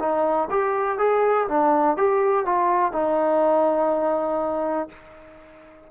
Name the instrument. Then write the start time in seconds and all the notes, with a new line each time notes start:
trombone
0.00 D#4
0.51 G4
0.98 G#4
1.49 D4
1.98 G4
2.45 F4
2.92 D#4